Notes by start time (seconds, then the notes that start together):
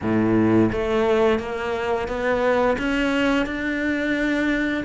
0.02 A2
0.71 A3
1.39 A#3
2.08 B3
2.78 C#4
3.46 D4